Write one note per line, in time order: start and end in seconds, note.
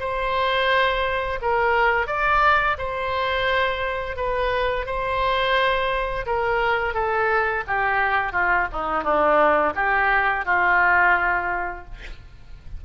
0.00 1.40 C5
1.42 2.07 A#4
2.07 2.77 D5
2.78 4.16 C5
4.16 4.86 B4
4.86 6.26 C5
6.26 6.94 A#4
6.94 7.64 A4
7.67 8.32 G4
8.32 8.67 F4
8.73 9.03 D#4
9.03 9.73 D4
9.75 10.45 G4
10.45 11.85 F4